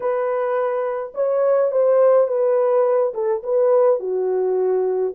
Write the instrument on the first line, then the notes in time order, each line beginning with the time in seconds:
horn
0.00 B4
1.14 C#5
1.71 C5
2.27 B4
3.14 A4
3.43 B4
3.99 F#4